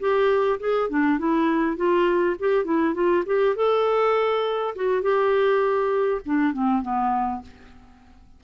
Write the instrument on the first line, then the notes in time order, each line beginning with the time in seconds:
clarinet
0.00 G4
0.60 G#4
0.90 D4
1.19 E4
1.77 F4
2.40 G4
2.65 E4
2.94 F4
3.26 G4
3.56 A4
4.76 F#4
5.02 G4
6.25 D4
6.53 C4
6.82 B3